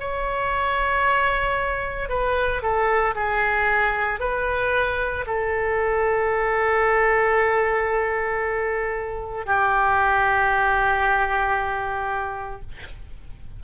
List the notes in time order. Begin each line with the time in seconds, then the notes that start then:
0.00 C#5
2.10 B4
2.62 A4
3.15 G#4
4.20 B4
5.27 A4
9.46 G4